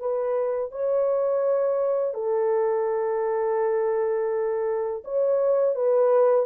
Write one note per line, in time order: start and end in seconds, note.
0.00 0.72 B4
0.72 2.15 C#5
2.15 5.04 A4
5.05 5.76 C#5
5.76 6.46 B4